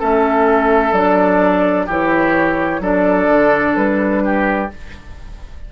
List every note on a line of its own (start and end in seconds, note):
0.00 0.93 A3
0.00 0.94 C#4
0.00 1.87 A4
0.00 0.93 E5
0.93 1.87 F#3
0.93 1.89 D4
0.93 1.87 D5
1.87 2.80 E3
1.87 2.81 E4
1.87 2.81 G4
1.87 2.83 C#5
2.80 3.27 F#3
2.80 4.69 D4
2.80 4.23 A4
2.80 3.77 D5
3.30 3.76 D3
3.76 4.70 G3
3.76 4.70 B4
4.25 4.72 G4